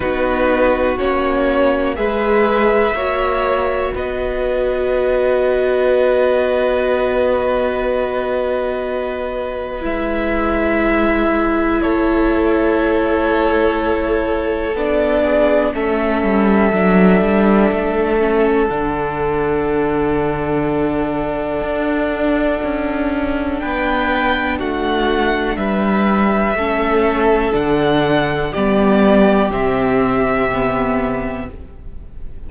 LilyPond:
<<
  \new Staff \with { instrumentName = "violin" } { \time 4/4 \tempo 4 = 61 b'4 cis''4 e''2 | dis''1~ | dis''2 e''2 | cis''2. d''4 |
e''2. fis''4~ | fis''1 | g''4 fis''4 e''2 | fis''4 d''4 e''2 | }
  \new Staff \with { instrumentName = "violin" } { \time 4/4 fis'2 b'4 cis''4 | b'1~ | b'1 | a'2.~ a'8 gis'8 |
a'1~ | a'1 | b'4 fis'4 b'4 a'4~ | a'4 g'2. | }
  \new Staff \with { instrumentName = "viola" } { \time 4/4 dis'4 cis'4 gis'4 fis'4~ | fis'1~ | fis'2 e'2~ | e'2. d'4 |
cis'4 d'4. cis'8 d'4~ | d'1~ | d'2. cis'4 | d'4 b4 c'4 b4 | }
  \new Staff \with { instrumentName = "cello" } { \time 4/4 b4 ais4 gis4 ais4 | b1~ | b2 gis2 | a2. b4 |
a8 g8 fis8 g8 a4 d4~ | d2 d'4 cis'4 | b4 a4 g4 a4 | d4 g4 c2 | }
>>